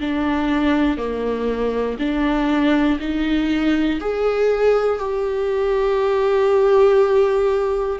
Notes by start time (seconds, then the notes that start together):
0.00 D4
0.98 A#3
1.99 D4
3.00 D#4
4.00 G#4
5.00 G4